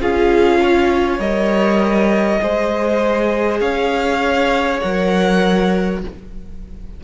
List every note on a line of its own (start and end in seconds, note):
0.00 1.19 C#4
0.00 1.20 F4
0.00 0.60 G#4
0.00 1.20 F5
0.60 2.41 C#5
1.19 2.39 G3
1.19 2.40 A#4
1.19 3.60 D#5
2.41 3.60 G#3
2.41 4.81 G#4
2.41 3.60 C5
3.60 4.80 C#4
3.60 6.00 C#5
3.60 4.79 F5
4.80 6.03 F#3
4.80 6.01 A#4
4.80 6.00 F#5